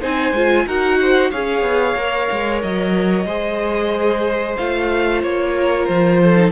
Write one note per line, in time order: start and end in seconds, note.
0.00 0.33 C4
0.00 0.34 D#4
0.00 0.65 C5
0.00 0.68 G#5
0.33 0.65 G#3
0.33 0.68 F4
0.66 1.31 D#4
0.66 1.33 F#4
0.66 0.99 A#4
0.66 1.31 F#5
1.01 1.31 C5
1.31 1.62 C#4
1.31 1.96 G#4
1.31 3.26 C#5
1.31 2.61 F5
1.62 1.94 B3
1.96 2.28 A#3
1.96 3.27 A#4
2.32 2.64 G#3
2.62 3.25 F#3
2.62 4.57 D#5
3.25 4.56 G#3
3.25 4.58 G#4
3.25 5.54 C5
4.57 5.23 A3
4.57 6.37 F4
4.57 5.22 F5
5.23 5.88 A#3
5.23 5.86 C#5
5.57 6.23 A#4
5.86 6.52 F3
5.86 6.51 C5
6.23 6.52 A4
6.37 6.52 D#4